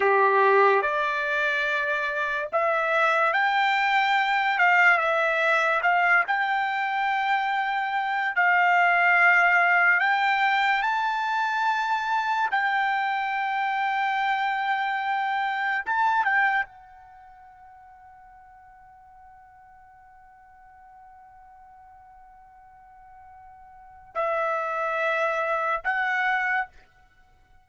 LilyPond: \new Staff \with { instrumentName = "trumpet" } { \time 4/4 \tempo 4 = 72 g'4 d''2 e''4 | g''4. f''8 e''4 f''8 g''8~ | g''2 f''2 | g''4 a''2 g''4~ |
g''2. a''8 g''8 | fis''1~ | fis''1~ | fis''4 e''2 fis''4 | }